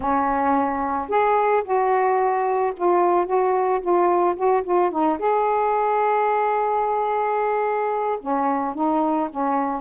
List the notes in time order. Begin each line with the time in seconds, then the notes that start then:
0.00 C#4
1.08 G#4
1.64 F#4
2.76 F4
3.26 F#4
3.81 F4
4.36 F#4
4.63 F4
4.91 D#4
5.18 G#4
8.21 C#4
8.74 D#4
9.30 C#4